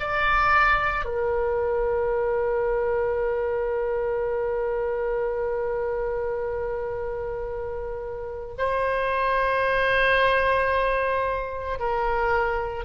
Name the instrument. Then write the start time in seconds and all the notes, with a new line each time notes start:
oboe
0.00 D5
1.05 A#4
8.58 C5
11.79 A#4